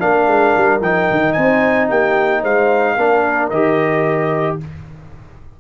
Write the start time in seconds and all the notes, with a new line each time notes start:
0.00 A#3 D4 A#4 F5
0.27 G#3
0.56 G3
0.81 F3 D#4 G5
1.10 D#3
1.33 C4 C5 G#5
1.89 A#3 G4 G5
2.41 G#3 C5 F5
2.95 A#3 D4 A#4
3.50 D#3 G4 D#5